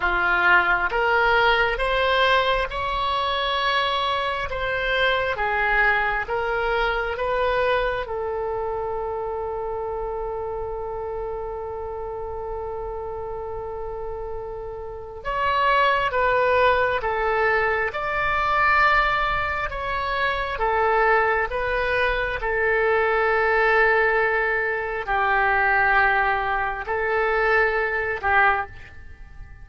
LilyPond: \new Staff \with { instrumentName = "oboe" } { \time 4/4 \tempo 4 = 67 f'4 ais'4 c''4 cis''4~ | cis''4 c''4 gis'4 ais'4 | b'4 a'2.~ | a'1~ |
a'4 cis''4 b'4 a'4 | d''2 cis''4 a'4 | b'4 a'2. | g'2 a'4. g'8 | }